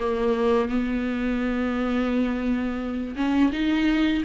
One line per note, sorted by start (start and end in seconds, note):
0.00 0.69 A#3
0.69 3.16 B3
3.16 3.51 C#4
3.53 4.23 D#4